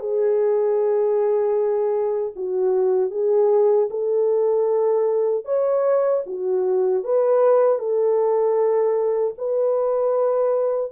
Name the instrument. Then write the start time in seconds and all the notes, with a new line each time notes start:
horn
0.00 G#4
2.36 F#4
3.11 G#4
3.91 A4
5.45 C#5
6.27 F#4
7.04 B4
7.79 A4
9.38 B4